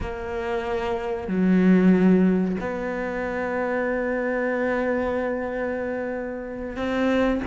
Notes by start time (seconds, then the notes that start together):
0.01 A#3
1.27 F#3
2.60 B3
6.76 C4